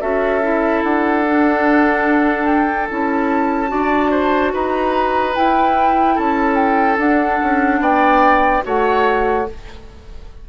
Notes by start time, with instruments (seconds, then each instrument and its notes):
0.00 bassoon C#4, clarinet F#4, oboe A4, flute E5
0.42 clarinet E4
0.83 bassoon D4, flute F#5
1.26 clarinet D4
2.45 flute G5
2.89 bassoon C#4, clarinet E4, flute A5
3.67 bassoon D4, clarinet F#4, oboe D5
4.11 oboe C5
4.53 bassoon D#4, oboe B4, flute A#5
5.35 clarinet E4, bassoon E4, flute G5
6.15 bassoon C#4, oboe A4, flute A5
6.55 flute G5
6.98 clarinet D4, bassoon D4, flute F#5
7.43 bassoon C#4
7.80 bassoon B3, oboe D5, flute G5
8.62 bassoon A3, clarinet F#4, oboe C#5, flute F#5